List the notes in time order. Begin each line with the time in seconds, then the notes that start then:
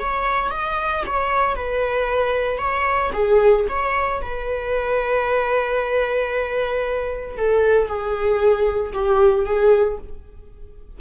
0.00 C#5
0.51 D#5
1.07 C#5
1.56 B4
2.59 C#5
3.14 G#4
3.69 C#5
4.22 B4
7.38 A4
7.88 G#4
8.94 G4
9.46 G#4